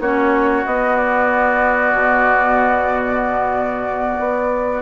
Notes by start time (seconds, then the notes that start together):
0.00 A#3 C#4 F#4 C#5
0.66 B3 D#5
0.97 D5
1.93 B2
4.19 B3